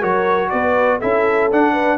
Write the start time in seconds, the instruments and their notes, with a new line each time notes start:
0.00 tuba F#3, trombone F#4, horn A#4, trumpet C#5
0.50 tuba B3, horn B4, trumpet D5
0.99 tuba C#4, trombone E4, horn A4, trumpet E5
1.52 trombone D4, tuba D4, trumpet F#5
1.73 horn B4